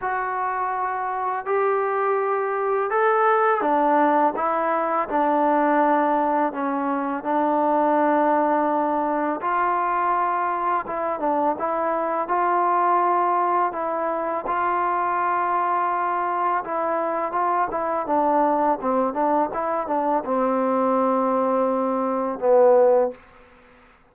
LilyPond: \new Staff \with { instrumentName = "trombone" } { \time 4/4 \tempo 4 = 83 fis'2 g'2 | a'4 d'4 e'4 d'4~ | d'4 cis'4 d'2~ | d'4 f'2 e'8 d'8 |
e'4 f'2 e'4 | f'2. e'4 | f'8 e'8 d'4 c'8 d'8 e'8 d'8 | c'2. b4 | }